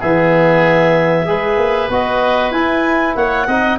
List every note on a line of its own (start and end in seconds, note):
0.00 1.28 E3
0.00 1.26 B3
0.00 1.26 G#4
0.00 1.91 E5
1.26 1.57 G#3
1.26 1.89 G#4
1.26 3.17 B4
1.57 1.89 A#3
1.89 2.51 B3
1.89 2.53 F#4
1.89 2.52 D#5
2.51 3.14 E4
2.51 3.48 E4
2.51 3.15 G#5
3.16 3.47 A#3
3.16 3.47 C#5
3.16 3.79 F#5
3.47 3.79 C4
3.47 3.79 D#4
3.47 3.79 D#5